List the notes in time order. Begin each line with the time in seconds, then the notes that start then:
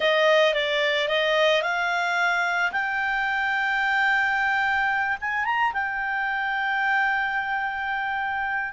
0.00 D#5
0.54 D5
1.08 D#5
1.62 F5
2.71 G5
5.20 G#5
5.44 A#5
5.73 G5